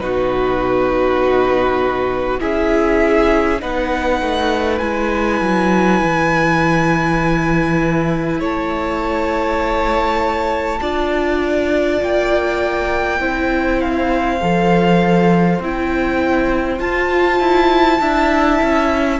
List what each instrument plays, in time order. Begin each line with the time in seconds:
0.00 cello B2, viola D#4, violin F#4 B4
2.39 cello C#4, viola E4, violin G#4 E5
3.60 cello B3, viola D#4, violin B4 F#5
4.22 cello A3
4.79 cello G#3, viola E4, violin G#5
5.41 cello F#3
6.03 cello E3
8.40 cello A3, violin C#5 A5
10.81 cello D4, viola F4, violin D5
12.03 cello A#3, violin G5
13.20 cello C4, viola E4, violin C5
13.81 violin F5
14.42 cello F3, viola A4
15.60 cello C4, viola E4, violin G5
16.80 viola F4, cello F4, violin A5
17.40 cello E4
18.01 cello D4, viola E4, violin E5
18.62 cello C#4